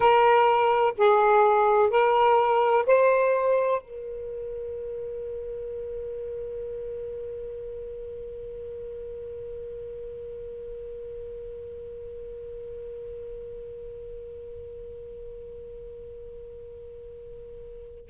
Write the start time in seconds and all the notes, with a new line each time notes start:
0.00 A#4
0.97 G#4
1.90 A#4
2.86 C5
3.81 A#4